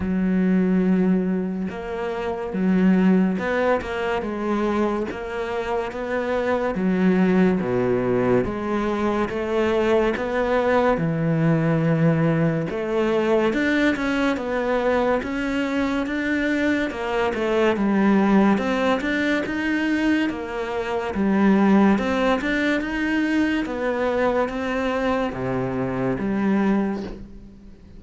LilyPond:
\new Staff \with { instrumentName = "cello" } { \time 4/4 \tempo 4 = 71 fis2 ais4 fis4 | b8 ais8 gis4 ais4 b4 | fis4 b,4 gis4 a4 | b4 e2 a4 |
d'8 cis'8 b4 cis'4 d'4 | ais8 a8 g4 c'8 d'8 dis'4 | ais4 g4 c'8 d'8 dis'4 | b4 c'4 c4 g4 | }